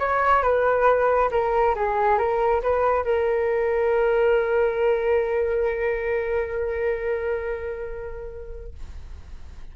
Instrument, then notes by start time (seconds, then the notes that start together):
flute
0.00 C#5
0.43 B4
1.32 A#4
1.76 G#4
2.18 A#4
2.63 B4
3.05 A#4